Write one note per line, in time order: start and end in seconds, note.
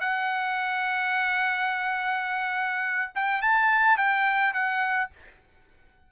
0.00 3.11 F#5
3.15 3.42 G5
3.42 3.97 A5
3.97 4.53 G5
4.53 5.10 F#5